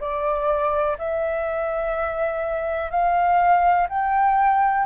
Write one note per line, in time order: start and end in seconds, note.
0.00 0.97 D5
0.98 2.90 E5
2.90 3.87 F5
3.89 4.86 G5